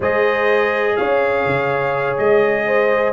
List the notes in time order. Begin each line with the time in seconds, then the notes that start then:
0.00 G#3 G#4 C5 D#5
0.96 C#4 C#5 F5
1.46 C#3
2.17 G#3 D#5
2.66 C5